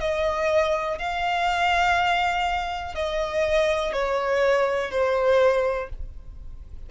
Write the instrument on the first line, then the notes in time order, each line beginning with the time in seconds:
violin
0.00 D#5
0.99 F5
2.95 D#5
3.93 C#5
4.91 C5